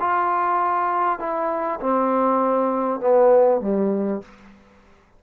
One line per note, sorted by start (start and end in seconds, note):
0.00 1.19 F4
1.19 1.80 E4
1.81 3.01 C4
3.01 3.61 B3
3.61 4.22 G3